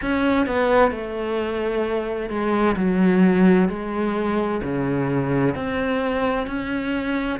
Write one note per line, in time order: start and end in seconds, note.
0.01 0.46 C#4
0.46 0.91 B3
0.91 2.29 A3
2.29 2.75 G#3
2.76 3.68 F#3
3.68 4.61 G#3
4.62 5.55 C#3
5.55 6.46 C4
6.46 7.38 C#4